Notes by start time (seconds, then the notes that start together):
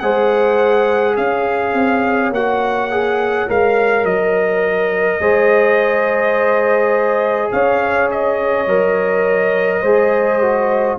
0.00 G#3 G#4 C5 F#5
1.17 C#4 C#5 F5
1.74 C4
2.31 A#3 F#4 F#5
2.91 G#4
3.49 G#3 A#4 F5
4.04 F#3 D#5
5.20 G#3 G#4 C5
7.52 C#4 C#5 F5
8.11 D#5
8.67 F#3 A#4
9.82 G#3 G#4 C5
10.42 F#4